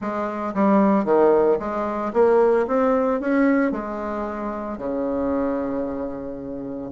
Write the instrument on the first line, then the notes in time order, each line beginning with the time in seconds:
bassoon
0.01 G#3
0.54 G3
1.04 D#3
1.59 G#3
2.13 A#3
2.67 C4
3.20 C#4
3.71 G#3
4.78 C#3